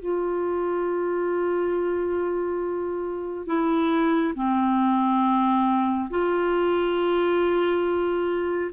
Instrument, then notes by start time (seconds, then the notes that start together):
clarinet
0.00 F4
3.47 E4
4.35 C4
6.10 F4